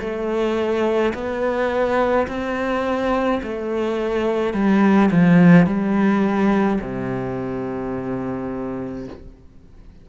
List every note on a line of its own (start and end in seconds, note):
0.00 1.13 A3
1.14 2.27 B3
2.28 3.41 C4
3.43 4.54 A3
4.54 5.10 G3
5.11 5.67 F3
5.67 6.80 G3
6.81 9.08 C3